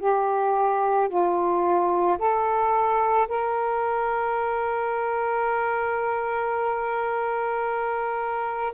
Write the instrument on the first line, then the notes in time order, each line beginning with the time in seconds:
saxophone
0.00 G4
1.09 F4
2.19 A4
3.28 A#4